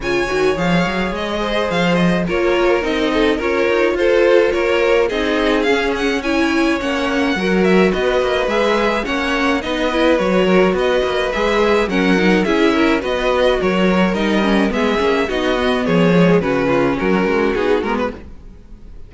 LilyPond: <<
  \new Staff \with { instrumentName = "violin" } { \time 4/4 \tempo 4 = 106 gis''4 f''4 dis''4 f''8 dis''8 | cis''4 dis''4 cis''4 c''4 | cis''4 dis''4 f''8 fis''8 gis''4 | fis''4. e''8 dis''4 e''4 |
fis''4 dis''4 cis''4 dis''4 | e''4 fis''4 e''4 dis''4 | cis''4 dis''4 e''4 dis''4 | cis''4 b'4 ais'4 gis'8 ais'16 b'16 | }
  \new Staff \with { instrumentName = "violin" } { \time 4/4 cis''2~ cis''8 c''4. | ais'4. a'8 ais'4 a'4 | ais'4 gis'2 cis''4~ | cis''4 ais'4 b'2 |
cis''4 b'4. ais'8 b'4~ | b'4 ais'4 gis'8 ais'8 b'4 | ais'2 gis'4 fis'4 | gis'4 fis'8 f'8 fis'2 | }
  \new Staff \with { instrumentName = "viola" } { \time 4/4 f'8 fis'8 gis'2. | f'4 dis'4 f'2~ | f'4 dis'4 cis'4 e'4 | cis'4 fis'2 gis'4 |
cis'4 dis'8 e'8 fis'2 | gis'4 cis'8 dis'8 e'4 fis'4~ | fis'4 dis'8 cis'8 b8 cis'8 dis'8 b8~ | b8 gis8 cis'2 dis'8 b8 | }
  \new Staff \with { instrumentName = "cello" } { \time 4/4 cis8 dis8 f8 fis8 gis4 f4 | ais4 c'4 cis'8 dis'8 f'4 | ais4 c'4 cis'2 | ais4 fis4 b8 ais8 gis4 |
ais4 b4 fis4 b8 ais8 | gis4 fis4 cis'4 b4 | fis4 g4 gis8 ais8 b4 | f4 cis4 fis8 gis8 b8 gis8 | }
>>